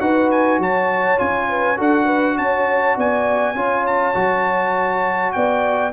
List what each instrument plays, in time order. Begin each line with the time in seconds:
0.00 tuba D#4, trombone F#4, horn B4, trumpet F#5
0.31 trumpet G#5
0.59 tuba F#3, horn C#5, trumpet A5
1.18 tuba C#4, trombone F4, trumpet G#5
1.49 horn B4
1.77 tuba D4, trombone F#4, horn A4, trumpet F#5
2.05 horn B4
2.38 tuba C#4, horn C#5, trumpet A5
2.96 tuba B3, horn D5, trumpet G#5
3.55 tuba C#4, trombone F4, horn C#5
3.87 trumpet A5
4.14 tuba F#3, trombone F#4
5.32 tuba B3, horn D5, trumpet G5